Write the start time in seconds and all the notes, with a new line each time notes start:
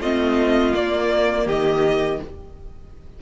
0.00 A3 C4 F4 D#5
0.74 A#3 D5
1.45 D#3 G4 D#5